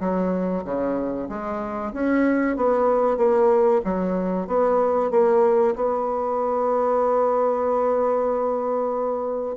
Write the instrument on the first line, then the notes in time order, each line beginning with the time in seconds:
bassoon
0.00 F#3
0.64 C#3
1.29 G#3
1.93 C#4
2.56 B3
3.17 A#3
3.84 F#3
4.47 B3
5.11 A#3
5.75 B3